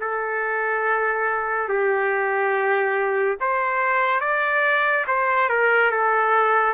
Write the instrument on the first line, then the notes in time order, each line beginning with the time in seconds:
trumpet
0.00 A4
1.68 G4
3.40 C5
4.20 D5
5.07 C5
5.49 A#4
5.91 A4